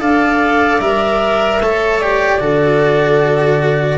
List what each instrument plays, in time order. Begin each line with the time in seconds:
0.00 tuba D4, cello A4, viola D5, clarinet F5
0.81 tuba G3, cello A#4, clarinet E5
1.60 tuba A3, cello A4, viola C#5
1.99 cello G4, clarinet D5
2.40 tuba D3, cello F#4, viola A4